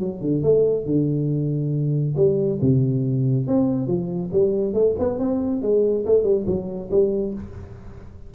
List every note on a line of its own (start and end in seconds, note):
0.00 0.22 F#3
0.22 0.43 D3
0.43 0.86 A3
0.86 2.15 D3
2.16 2.60 G3
2.61 3.47 C3
3.47 3.87 C4
3.87 4.30 F3
4.32 4.74 G3
4.74 4.95 A3
4.99 5.19 B3
5.19 5.62 C4
5.62 6.05 G#3
6.06 6.24 A3
6.24 6.45 G3
6.47 6.90 F#3
6.91 7.34 G3